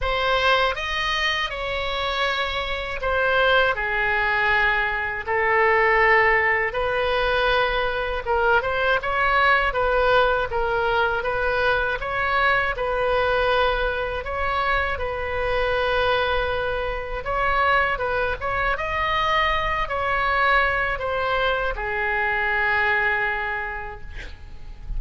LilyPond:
\new Staff \with { instrumentName = "oboe" } { \time 4/4 \tempo 4 = 80 c''4 dis''4 cis''2 | c''4 gis'2 a'4~ | a'4 b'2 ais'8 c''8 | cis''4 b'4 ais'4 b'4 |
cis''4 b'2 cis''4 | b'2. cis''4 | b'8 cis''8 dis''4. cis''4. | c''4 gis'2. | }